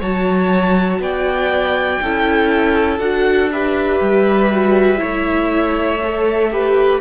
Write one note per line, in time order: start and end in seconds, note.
0.00 0.99 F#3
0.00 2.02 F#4
0.00 1.00 C#5
0.00 1.02 A5
0.99 1.99 B3
0.99 2.02 D5
0.99 2.99 G5
2.01 2.99 C#4
2.01 2.99 E4
2.01 3.52 A4
2.99 3.99 D4
2.99 3.49 F#4
2.99 3.49 F#5
3.51 4.53 G4
3.51 5.00 B4
3.51 7.01 E5
4.00 5.00 G3
4.53 4.97 F#4
4.97 7.01 A3
4.97 5.97 E4
4.97 6.50 C#5
6.03 6.51 A4
6.51 7.01 G4
6.51 7.01 B4